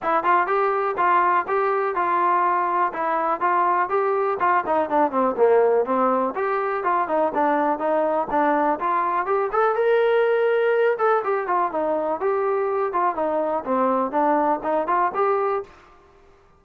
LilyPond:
\new Staff \with { instrumentName = "trombone" } { \time 4/4 \tempo 4 = 123 e'8 f'8 g'4 f'4 g'4 | f'2 e'4 f'4 | g'4 f'8 dis'8 d'8 c'8 ais4 | c'4 g'4 f'8 dis'8 d'4 |
dis'4 d'4 f'4 g'8 a'8 | ais'2~ ais'8 a'8 g'8 f'8 | dis'4 g'4. f'8 dis'4 | c'4 d'4 dis'8 f'8 g'4 | }